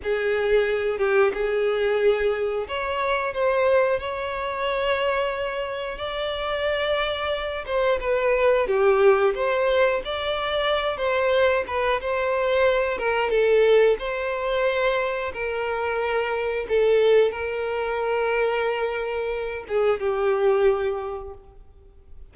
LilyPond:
\new Staff \with { instrumentName = "violin" } { \time 4/4 \tempo 4 = 90 gis'4. g'8 gis'2 | cis''4 c''4 cis''2~ | cis''4 d''2~ d''8 c''8 | b'4 g'4 c''4 d''4~ |
d''8 c''4 b'8 c''4. ais'8 | a'4 c''2 ais'4~ | ais'4 a'4 ais'2~ | ais'4. gis'8 g'2 | }